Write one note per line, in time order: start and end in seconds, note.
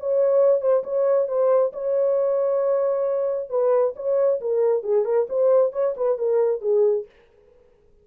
0.00 0.61 C#5
0.61 0.84 C5
0.84 1.28 C#5
1.28 1.73 C5
1.73 3.50 C#5
3.50 3.95 B4
3.96 4.41 C#5
4.41 4.83 A#4
4.83 5.05 G#4
5.05 5.27 A#4
5.29 5.73 C5
5.73 5.95 C#5
5.97 6.18 B4
6.18 6.62 A#4
6.62 7.06 G#4